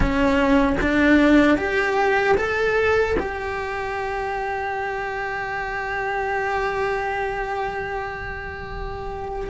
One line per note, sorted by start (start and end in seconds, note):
0.00 0.76 C#4
0.81 1.57 D4
1.57 2.36 G4
2.37 3.16 A4
3.19 9.50 G4